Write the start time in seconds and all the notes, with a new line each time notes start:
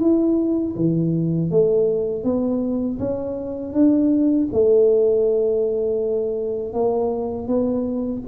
0.00 E4
0.76 E3
1.51 A3
2.24 B3
2.99 C#4
3.73 D4
4.53 A3
6.73 A#3
7.48 B3